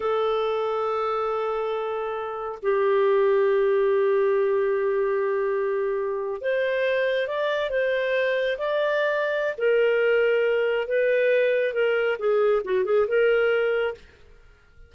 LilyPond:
\new Staff \with { instrumentName = "clarinet" } { \time 4/4 \tempo 4 = 138 a'1~ | a'2 g'2~ | g'1~ | g'2~ g'8. c''4~ c''16~ |
c''8. d''4 c''2 d''16~ | d''2 ais'2~ | ais'4 b'2 ais'4 | gis'4 fis'8 gis'8 ais'2 | }